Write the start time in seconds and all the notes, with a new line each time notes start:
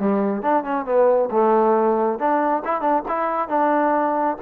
0.00 G3
0.43 D4
0.64 C#4
0.86 B3
1.31 A3
2.19 D4
2.65 E4
2.81 D4
3.08 E4
3.49 D4